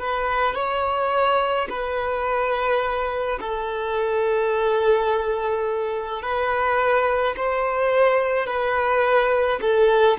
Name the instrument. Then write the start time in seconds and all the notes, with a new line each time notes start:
violin
0.00 B4
0.55 C#5
1.70 B4
3.41 A4
6.23 B4
7.37 C5
8.47 B4
9.62 A4